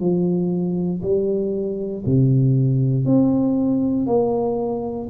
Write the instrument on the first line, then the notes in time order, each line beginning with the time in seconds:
tuba
0.00 F3
1.02 G3
2.05 C3
3.06 C4
4.06 A#3